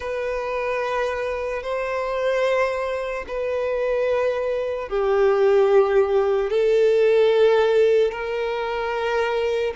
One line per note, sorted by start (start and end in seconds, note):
0.00 1.62 B4
1.63 3.25 C5
3.27 4.88 B4
4.88 6.50 G4
6.50 8.11 A4
8.11 9.73 A#4